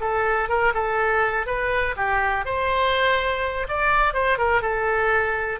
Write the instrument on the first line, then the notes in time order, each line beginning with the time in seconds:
oboe
0.00 A4
0.48 A#4
0.74 A4
1.46 B4
1.96 G4
2.45 C5
3.68 D5
4.13 C5
4.38 A#4
4.61 A4